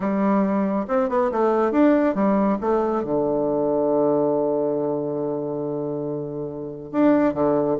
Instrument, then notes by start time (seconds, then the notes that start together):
bassoon
0.00 G3
0.87 C4
1.09 B3
1.31 A3
1.71 D4
2.14 G3
2.60 A3
3.04 D3
6.91 D4
7.34 D3